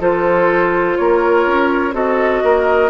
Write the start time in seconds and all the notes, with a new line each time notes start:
0.00 F3 F4 A4 C5
0.97 A#3 A#4 C#5
1.47 C#4
1.92 C4 F#4 A4 D#5
2.44 A#3 A#4